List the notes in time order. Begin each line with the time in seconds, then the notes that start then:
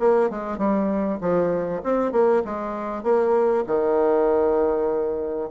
0.00 A#3
0.30 G#3
0.58 G3
1.21 F3
1.84 C4
2.13 A#3
2.45 G#3
3.04 A#3
3.67 D#3